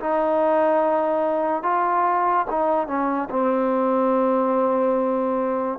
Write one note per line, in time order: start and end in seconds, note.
0.00 1.63 D#4
1.63 2.47 F4
2.50 2.87 D#4
2.87 3.29 C#4
3.30 5.79 C4